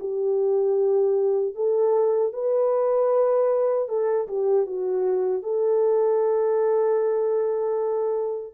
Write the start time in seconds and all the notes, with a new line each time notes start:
0.00 G4
1.55 A4
2.33 B4
3.89 A4
4.28 G4
4.66 F#4
5.43 A4